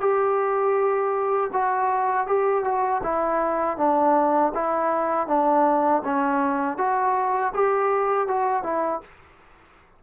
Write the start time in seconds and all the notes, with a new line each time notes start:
0.00 G4
1.52 F#4
2.27 G4
2.64 F#4
3.03 E4
3.77 D4
4.54 E4
5.27 D4
6.04 C#4
6.77 F#4
7.54 G4
8.27 F#4
8.63 E4